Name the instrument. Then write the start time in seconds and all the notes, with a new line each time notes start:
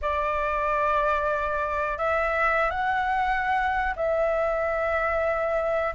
flute
0.01 D5
1.97 E5
2.70 F#5
3.96 E5